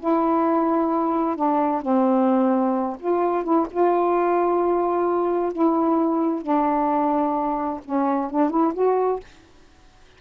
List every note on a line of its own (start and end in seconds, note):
0.00 1.36 E4
1.36 1.82 D4
1.82 2.97 C4
3.00 3.44 F4
3.44 3.67 E4
3.71 5.53 F4
5.53 6.42 E4
6.42 7.81 D4
7.85 8.31 C#4
8.31 8.50 D4
8.50 8.74 E4
8.74 9.20 F#4